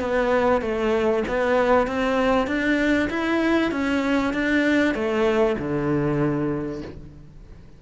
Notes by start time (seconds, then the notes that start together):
0.00 B3
0.62 A3
1.28 B3
1.87 C4
2.47 D4
3.10 E4
3.72 C#4
4.34 D4
4.95 A3
5.58 D3